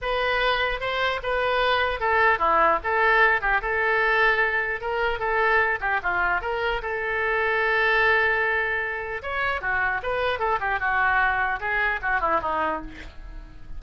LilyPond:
\new Staff \with { instrumentName = "oboe" } { \time 4/4 \tempo 4 = 150 b'2 c''4 b'4~ | b'4 a'4 e'4 a'4~ | a'8 g'8 a'2. | ais'4 a'4. g'8 f'4 |
ais'4 a'2.~ | a'2. cis''4 | fis'4 b'4 a'8 g'8 fis'4~ | fis'4 gis'4 fis'8 e'8 dis'4 | }